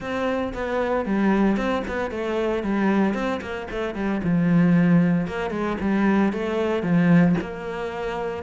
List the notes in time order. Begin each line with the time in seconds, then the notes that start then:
0.00 C4
0.53 B3
1.05 G3
1.56 C4
1.87 B3
2.11 A3
2.63 G3
3.14 C4
3.41 A#3
3.70 A3
3.94 G3
4.23 F3
5.27 A#3
5.50 G#3
5.80 G3
6.32 A3
6.82 F3
7.41 A#3